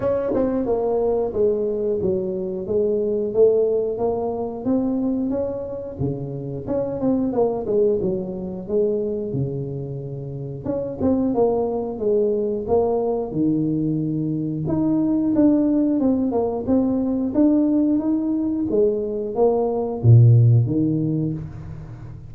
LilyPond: \new Staff \with { instrumentName = "tuba" } { \time 4/4 \tempo 4 = 90 cis'8 c'8 ais4 gis4 fis4 | gis4 a4 ais4 c'4 | cis'4 cis4 cis'8 c'8 ais8 gis8 | fis4 gis4 cis2 |
cis'8 c'8 ais4 gis4 ais4 | dis2 dis'4 d'4 | c'8 ais8 c'4 d'4 dis'4 | gis4 ais4 ais,4 dis4 | }